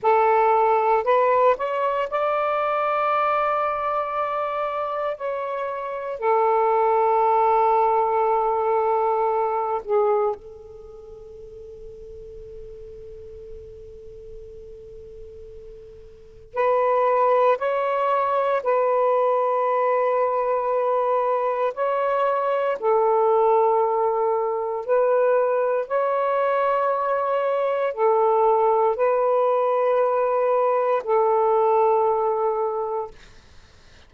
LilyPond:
\new Staff \with { instrumentName = "saxophone" } { \time 4/4 \tempo 4 = 58 a'4 b'8 cis''8 d''2~ | d''4 cis''4 a'2~ | a'4. gis'8 a'2~ | a'1 |
b'4 cis''4 b'2~ | b'4 cis''4 a'2 | b'4 cis''2 a'4 | b'2 a'2 | }